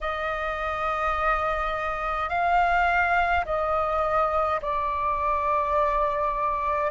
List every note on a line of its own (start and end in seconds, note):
0.01 2.29 D#5
2.29 3.44 F5
3.45 4.60 D#5
4.62 6.91 D5